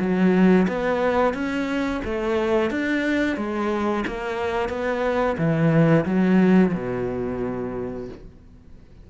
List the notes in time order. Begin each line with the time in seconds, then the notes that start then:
0.00 F#3
0.68 B3
1.34 C#4
2.05 A3
2.71 D4
3.37 G#3
4.08 A#3
4.69 B3
5.38 E3
6.06 F#3
6.74 B2